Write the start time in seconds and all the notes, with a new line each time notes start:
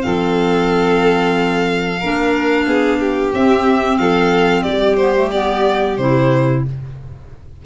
0.00 F3 C4 A4 F5
1.99 A#3 D4 A#4
2.67 B3 G#4
2.99 G4
3.33 C4 E5
3.98 F3 A4 F5
4.63 G3 G4 D5
4.96 B3 C5
5.15 A3
5.31 B3 D5
5.97 C3 E4 C5